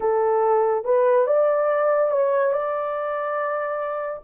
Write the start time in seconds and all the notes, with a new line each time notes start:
0.00 A4
0.84 B4
1.27 D5
2.10 C#5
2.52 D5